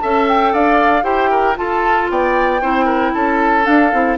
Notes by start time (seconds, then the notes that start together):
0.00 C#4 A4 E5 A5
0.28 G5
0.53 D4 D5 F5
1.02 E4 G4 C5 G5
1.30 A#4
1.55 F4 A4 A5
2.10 B3 D5 G5
2.61 C4 E4 C5
2.85 A#4
3.13 C#4 A4 A5
3.62 D4 F5
3.92 C4 E4